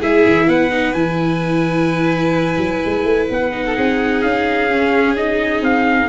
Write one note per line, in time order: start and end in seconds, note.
0.00 0.24 G#3
0.00 0.71 E4
0.00 0.47 G#4
0.00 0.49 E5
0.26 0.47 E3
0.47 0.94 B3
0.47 3.65 B4
0.47 0.93 F#5
0.71 0.94 D#4
0.93 2.57 E3
0.93 3.52 E4
0.93 3.28 G#5
2.57 2.81 F#3
2.85 3.04 G#3
3.04 3.28 A3
3.30 3.77 B3
3.30 4.22 F#5
3.52 4.69 D#4
3.66 3.76 A4
3.76 4.23 C4
3.76 6.09 G#4
4.22 5.62 C#4
4.22 5.16 F5
4.71 5.17 C#4
5.17 6.09 D#4
5.17 5.64 D#5
5.62 6.09 C4
5.62 6.09 F5